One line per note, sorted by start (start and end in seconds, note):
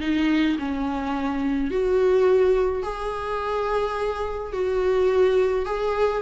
0.00 0.57 D#4
0.58 1.70 C#4
1.70 2.83 F#4
2.83 4.52 G#4
4.52 5.65 F#4
5.65 6.22 G#4